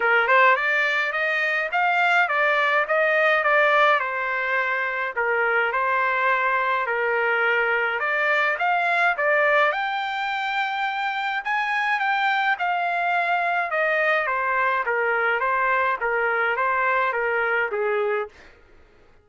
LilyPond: \new Staff \with { instrumentName = "trumpet" } { \time 4/4 \tempo 4 = 105 ais'8 c''8 d''4 dis''4 f''4 | d''4 dis''4 d''4 c''4~ | c''4 ais'4 c''2 | ais'2 d''4 f''4 |
d''4 g''2. | gis''4 g''4 f''2 | dis''4 c''4 ais'4 c''4 | ais'4 c''4 ais'4 gis'4 | }